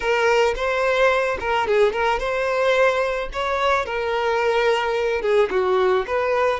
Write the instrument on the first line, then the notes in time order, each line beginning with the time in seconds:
violin
0.00 A#4
0.55 C5
1.39 A#4
1.67 G#4
1.92 A#4
2.19 C5
3.33 C#5
3.85 A#4
5.21 G#4
5.50 F#4
6.07 B4